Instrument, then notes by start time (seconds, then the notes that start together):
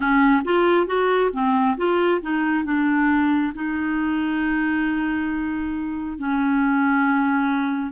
clarinet
0.00 C#4
0.44 F4
0.86 F#4
1.32 C4
1.77 F4
2.21 D#4
2.64 D4
3.55 D#4
6.18 C#4